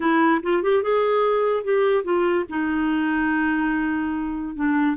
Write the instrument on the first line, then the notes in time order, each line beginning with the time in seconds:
clarinet
0.00 E4
0.42 F4
0.62 G4
0.82 G#4
1.63 G4
2.04 F4
2.49 D#4
4.55 D4